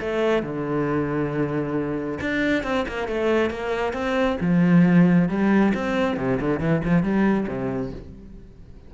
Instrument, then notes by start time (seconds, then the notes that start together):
cello
0.00 A3
0.43 D3
2.20 D4
2.63 C4
2.88 A#3
3.08 A3
3.50 A#3
3.93 C4
4.41 F3
5.29 G3
5.74 C4
6.17 C3
6.40 D3
6.60 E3
6.84 F3
7.03 G3
7.48 C3